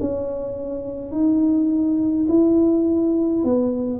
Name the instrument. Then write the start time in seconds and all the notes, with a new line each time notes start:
tuba
0.00 C#4
1.11 D#4
2.28 E4
3.44 B3